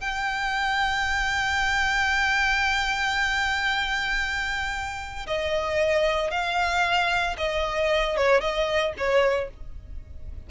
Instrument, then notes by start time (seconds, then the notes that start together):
violin
0.00 G5
5.27 D#5
6.30 F5
7.38 D#5
8.17 C#5
8.40 D#5
8.97 C#5